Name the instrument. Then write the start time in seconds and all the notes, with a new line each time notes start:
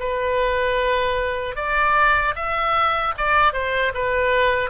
oboe
0.00 B4
1.56 D5
2.35 E5
3.18 D5
3.53 C5
3.94 B4